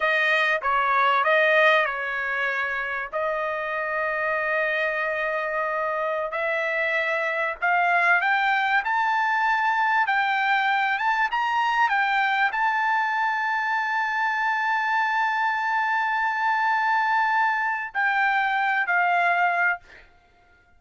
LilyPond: \new Staff \with { instrumentName = "trumpet" } { \time 4/4 \tempo 4 = 97 dis''4 cis''4 dis''4 cis''4~ | cis''4 dis''2.~ | dis''2~ dis''16 e''4.~ e''16~ | e''16 f''4 g''4 a''4.~ a''16~ |
a''16 g''4. a''8 ais''4 g''8.~ | g''16 a''2.~ a''8.~ | a''1~ | a''4 g''4. f''4. | }